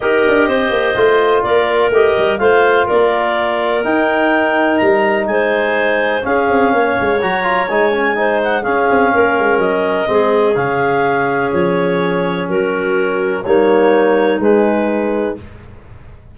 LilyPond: <<
  \new Staff \with { instrumentName = "clarinet" } { \time 4/4 \tempo 4 = 125 dis''2. d''4 | dis''4 f''4 d''2 | g''2 ais''4 gis''4~ | gis''4 f''2 ais''4 |
gis''4. fis''8 f''2 | dis''2 f''2 | cis''2 ais'2 | cis''2 b'2 | }
  \new Staff \with { instrumentName = "clarinet" } { \time 4/4 ais'4 c''2 ais'4~ | ais'4 c''4 ais'2~ | ais'2. c''4~ | c''4 gis'4 cis''2~ |
cis''4 c''4 gis'4 ais'4~ | ais'4 gis'2.~ | gis'2 fis'2 | dis'1 | }
  \new Staff \with { instrumentName = "trombone" } { \time 4/4 g'2 f'2 | g'4 f'2. | dis'1~ | dis'4 cis'2 fis'8 f'8 |
dis'8 cis'8 dis'4 cis'2~ | cis'4 c'4 cis'2~ | cis'1 | ais2 gis2 | }
  \new Staff \with { instrumentName = "tuba" } { \time 4/4 dis'8 d'8 c'8 ais8 a4 ais4 | a8 g8 a4 ais2 | dis'2 g4 gis4~ | gis4 cis'8 c'8 ais8 gis8 fis4 |
gis2 cis'8 c'8 ais8 gis8 | fis4 gis4 cis2 | f2 fis2 | g2 gis2 | }
>>